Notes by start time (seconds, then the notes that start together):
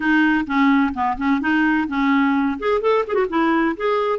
0.00 D#4
0.46 C#4
0.94 B3
1.17 C#4
1.41 D#4
1.88 C#4
2.59 G#4
2.81 A4
3.07 G#4
3.14 F#4
3.29 E4
3.76 G#4